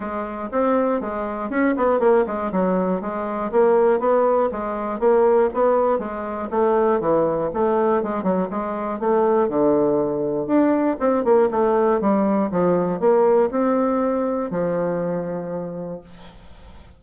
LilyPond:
\new Staff \with { instrumentName = "bassoon" } { \time 4/4 \tempo 4 = 120 gis4 c'4 gis4 cis'8 b8 | ais8 gis8 fis4 gis4 ais4 | b4 gis4 ais4 b4 | gis4 a4 e4 a4 |
gis8 fis8 gis4 a4 d4~ | d4 d'4 c'8 ais8 a4 | g4 f4 ais4 c'4~ | c'4 f2. | }